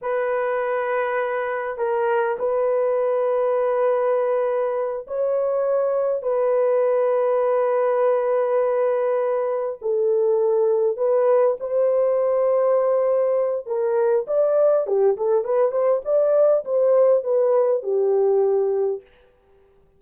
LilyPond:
\new Staff \with { instrumentName = "horn" } { \time 4/4 \tempo 4 = 101 b'2. ais'4 | b'1~ | b'8 cis''2 b'4.~ | b'1~ |
b'8 a'2 b'4 c''8~ | c''2. ais'4 | d''4 g'8 a'8 b'8 c''8 d''4 | c''4 b'4 g'2 | }